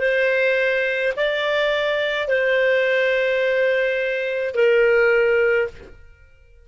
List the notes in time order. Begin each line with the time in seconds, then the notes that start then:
0.00 C5
1.17 D5
2.29 C5
4.55 A#4